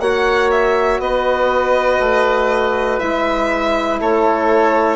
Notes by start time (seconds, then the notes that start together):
0.00 A#3 F#4 C#5 F#5
0.51 E5
0.99 B3 B4 D#5
2.00 A3
3.00 G#3 E4 E5
4.01 A3 A4 C#5